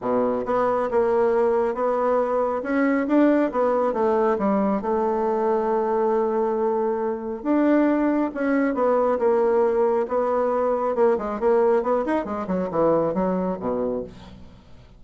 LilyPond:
\new Staff \with { instrumentName = "bassoon" } { \time 4/4 \tempo 4 = 137 b,4 b4 ais2 | b2 cis'4 d'4 | b4 a4 g4 a4~ | a1~ |
a4 d'2 cis'4 | b4 ais2 b4~ | b4 ais8 gis8 ais4 b8 dis'8 | gis8 fis8 e4 fis4 b,4 | }